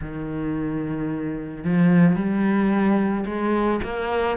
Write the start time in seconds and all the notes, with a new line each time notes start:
0.01 D#3
1.64 F3
2.15 G3
3.25 G#3
3.83 A#3